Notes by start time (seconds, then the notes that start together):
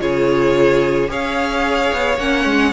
0.00 C#3 F4 G#4 C#5
1.08 C#4 G#4 C#5 F5
1.93 B3
2.18 A#3 C#4 F#5
2.45 G#3